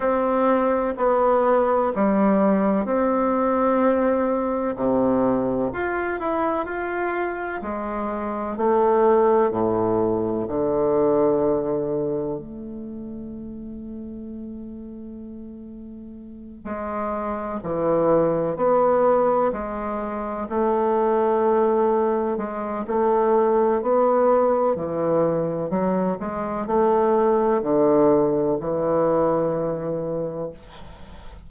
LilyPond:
\new Staff \with { instrumentName = "bassoon" } { \time 4/4 \tempo 4 = 63 c'4 b4 g4 c'4~ | c'4 c4 f'8 e'8 f'4 | gis4 a4 a,4 d4~ | d4 a2.~ |
a4. gis4 e4 b8~ | b8 gis4 a2 gis8 | a4 b4 e4 fis8 gis8 | a4 d4 e2 | }